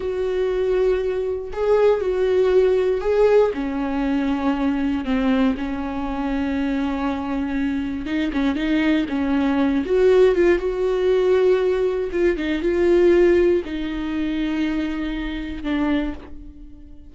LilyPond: \new Staff \with { instrumentName = "viola" } { \time 4/4 \tempo 4 = 119 fis'2. gis'4 | fis'2 gis'4 cis'4~ | cis'2 c'4 cis'4~ | cis'1 |
dis'8 cis'8 dis'4 cis'4. fis'8~ | fis'8 f'8 fis'2. | f'8 dis'8 f'2 dis'4~ | dis'2. d'4 | }